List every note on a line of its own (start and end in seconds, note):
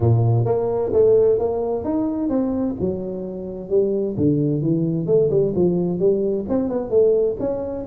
0.00 0.45 A#2
0.45 0.91 A#3
0.93 1.38 A3
1.38 1.84 A#3
1.84 2.29 D#4
2.29 2.75 C4
2.79 3.69 F#3
3.69 4.15 G3
4.16 4.62 D3
4.62 5.06 E3
5.06 5.29 A3
5.30 5.53 G3
5.55 5.99 F3
5.99 6.45 G3
6.48 6.68 C4
6.68 6.90 B3
6.90 7.36 A3
7.39 7.85 C#4